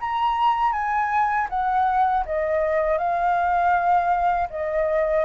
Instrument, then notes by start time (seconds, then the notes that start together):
flute
0.00 A#5
0.72 G#5
1.49 F#5
2.25 D#5
2.98 F5
4.49 D#5